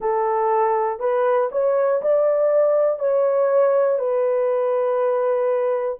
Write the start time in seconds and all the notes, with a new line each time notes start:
0.00 A4
1.00 B4
1.51 C#5
2.01 D5
2.99 C#5
3.98 B4